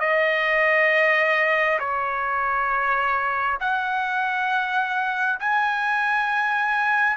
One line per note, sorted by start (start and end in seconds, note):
0.00 1.79 D#5
1.80 3.59 C#5
3.61 5.40 F#5
5.40 7.17 G#5